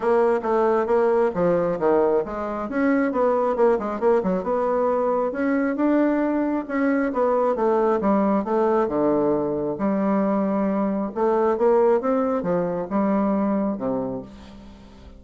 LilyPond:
\new Staff \with { instrumentName = "bassoon" } { \time 4/4 \tempo 4 = 135 ais4 a4 ais4 f4 | dis4 gis4 cis'4 b4 | ais8 gis8 ais8 fis8 b2 | cis'4 d'2 cis'4 |
b4 a4 g4 a4 | d2 g2~ | g4 a4 ais4 c'4 | f4 g2 c4 | }